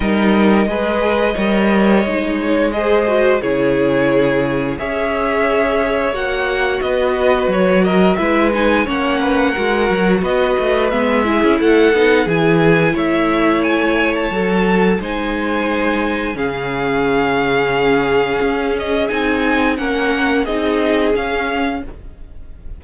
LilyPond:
<<
  \new Staff \with { instrumentName = "violin" } { \time 4/4 \tempo 4 = 88 dis''2.~ dis''8 cis''8 | dis''4 cis''2 e''4~ | e''4 fis''4 dis''4 cis''8 dis''8 | e''8 gis''8 fis''2 dis''4 |
e''4 fis''4 gis''4 e''4 | gis''8. a''4~ a''16 gis''2 | f''2.~ f''8 dis''8 | gis''4 fis''4 dis''4 f''4 | }
  \new Staff \with { instrumentName = "violin" } { \time 4/4 ais'4 b'4 cis''2 | c''4 gis'2 cis''4~ | cis''2 b'4. ais'8 | b'4 cis''8 b'8 ais'4 b'4~ |
b'8 gis'8 a'4 gis'4 cis''4~ | cis''2 c''2 | gis'1~ | gis'4 ais'4 gis'2 | }
  \new Staff \with { instrumentName = "viola" } { \time 4/4 dis'4 gis'4 ais'4 dis'4 | gis'8 fis'8 e'2 gis'4~ | gis'4 fis'2. | e'8 dis'8 cis'4 fis'2 |
b8 e'4 dis'8 e'2~ | e'4 a'4 dis'2 | cis'1 | dis'4 cis'4 dis'4 cis'4 | }
  \new Staff \with { instrumentName = "cello" } { \time 4/4 g4 gis4 g4 gis4~ | gis4 cis2 cis'4~ | cis'4 ais4 b4 fis4 | gis4 ais4 gis8 fis8 b8 a8 |
gis8. cis'16 a8 b8 e4 a4~ | a4 fis4 gis2 | cis2. cis'4 | c'4 ais4 c'4 cis'4 | }
>>